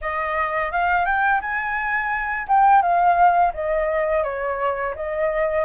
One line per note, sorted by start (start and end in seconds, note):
0.01 0.71 D#5
0.71 1.05 F5
1.05 1.41 G5
1.41 2.47 G#5
2.47 2.81 G5
2.81 3.52 F5
3.53 4.23 D#5
4.23 4.94 C#5
4.95 5.65 D#5